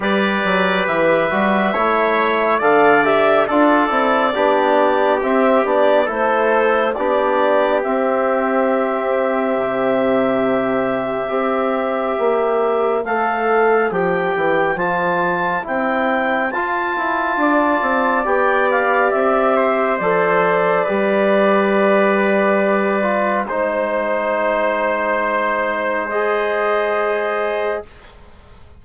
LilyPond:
<<
  \new Staff \with { instrumentName = "clarinet" } { \time 4/4 \tempo 4 = 69 d''4 e''2 f''8 e''8 | d''2 e''8 d''8 c''4 | d''4 e''2.~ | e''2. f''4 |
g''4 a''4 g''4 a''4~ | a''4 g''8 f''8 e''4 d''4~ | d''2. c''4~ | c''2 dis''2 | }
  \new Staff \with { instrumentName = "trumpet" } { \time 4/4 b'2 cis''4 d''4 | a'4 g'2 a'4 | g'1~ | g'4 c''2.~ |
c''1 | d''2~ d''8 c''4. | b'2. c''4~ | c''1 | }
  \new Staff \with { instrumentName = "trombone" } { \time 4/4 g'4. fis'8 e'4 a'8 g'8 | f'8 e'8 d'4 c'8 d'8 e'4 | d'4 c'2.~ | c'4 g'2 a'4 |
g'4 f'4 e'4 f'4~ | f'4 g'2 a'4 | g'2~ g'8 f'8 dis'4~ | dis'2 gis'2 | }
  \new Staff \with { instrumentName = "bassoon" } { \time 4/4 g8 fis8 e8 g8 a4 d4 | d'8 c'8 b4 c'8 b8 a4 | b4 c'2 c4~ | c4 c'4 ais4 a4 |
f8 e8 f4 c'4 f'8 e'8 | d'8 c'8 b4 c'4 f4 | g2. gis4~ | gis1 | }
>>